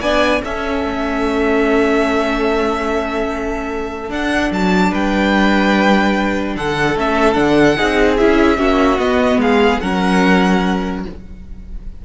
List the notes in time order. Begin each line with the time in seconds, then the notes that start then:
0.00 B3 D4 D5 G#5
0.43 C#4 A4 E5
0.84 A3
4.08 D4 F#5
4.51 F#3 A5
4.91 G3 B4 G5
6.56 D3 A4 F#5
6.96 A3 C#4 E5
7.33 D3 D4 F#5
7.77 C4 D#4 G#4
8.17 C#4 E4 E5
8.57 A#3 C#4 F#4
8.98 B3 D#5
9.36 G#3 G#4 F5
9.80 F#3 C#4 A#4 F#5